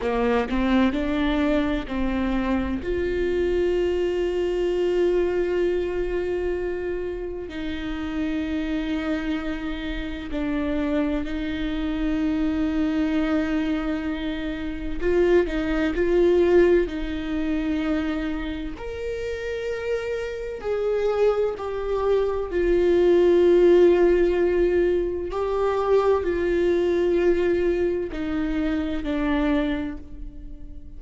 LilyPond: \new Staff \with { instrumentName = "viola" } { \time 4/4 \tempo 4 = 64 ais8 c'8 d'4 c'4 f'4~ | f'1 | dis'2. d'4 | dis'1 |
f'8 dis'8 f'4 dis'2 | ais'2 gis'4 g'4 | f'2. g'4 | f'2 dis'4 d'4 | }